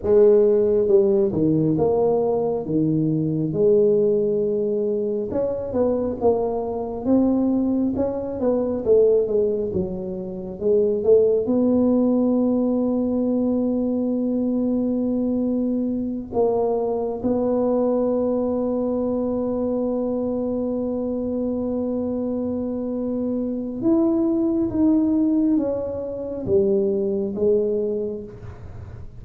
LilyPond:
\new Staff \with { instrumentName = "tuba" } { \time 4/4 \tempo 4 = 68 gis4 g8 dis8 ais4 dis4 | gis2 cis'8 b8 ais4 | c'4 cis'8 b8 a8 gis8 fis4 | gis8 a8 b2.~ |
b2~ b8 ais4 b8~ | b1~ | b2. e'4 | dis'4 cis'4 g4 gis4 | }